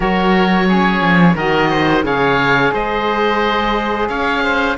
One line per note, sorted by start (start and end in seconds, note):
0.00 1.00 F#3
0.00 0.66 F#4
0.00 0.68 A#4
0.00 1.37 C#5
0.66 1.35 C#4
0.66 1.35 G#4
1.00 1.34 F3
1.35 2.03 D#3
1.35 2.03 F#4
1.35 1.69 A#4
1.35 2.05 D#5
1.70 2.04 C5
2.03 2.71 C#3
2.03 4.76 G#4
2.03 2.73 C#5
2.03 2.73 F5
2.73 4.09 G#3
2.73 4.09 C5
2.73 4.08 D#5
4.08 4.77 C#4
4.08 4.43 C#5
4.08 4.76 F5
4.43 4.77 C5